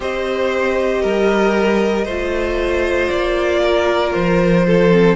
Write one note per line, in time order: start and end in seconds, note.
0.00 1.03 C4
0.00 2.07 G4
0.00 1.02 C5
0.00 3.10 D#5
1.02 2.05 G3
1.02 2.05 A#4
2.05 3.09 A3
2.05 4.91 F4
2.05 3.60 C5
3.10 4.14 A#3
3.10 4.13 D5
3.62 4.66 A#4
4.13 5.16 F3
4.13 5.16 C5
4.66 5.16 A4
4.91 5.16 C4